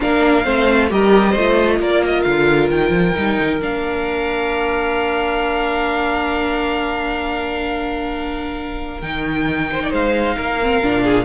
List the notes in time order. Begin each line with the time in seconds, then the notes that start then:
0.00 A#3 D4 A#4 F5
0.44 A3 C4 C5
0.89 G3 G4 A#4 D#5
1.30 A3 C5
1.37 F4
1.79 A#3 A#4 D5
2.05 D#5
2.22 D3 F5
2.70 D#3 G5
2.89 F3
3.14 G3 D#4
3.39 D#3
3.60 A#3 D4 F5
9.01 D#3 D#4 G5
9.71 C5
9.83 D5
9.90 G#3 C5 F5
10.36 A#3 A#4
10.61 C4
10.82 A#2 D4
11.03 G#4